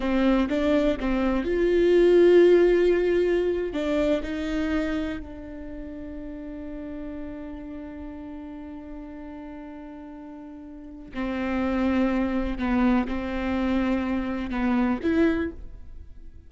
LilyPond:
\new Staff \with { instrumentName = "viola" } { \time 4/4 \tempo 4 = 124 c'4 d'4 c'4 f'4~ | f'2.~ f'8. d'16~ | d'8. dis'2 d'4~ d'16~ | d'1~ |
d'1~ | d'2. c'4~ | c'2 b4 c'4~ | c'2 b4 e'4 | }